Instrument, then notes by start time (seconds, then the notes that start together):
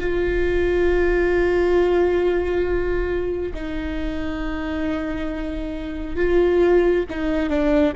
viola
0.00 F4
3.54 D#4
6.16 F4
7.09 D#4
7.50 D4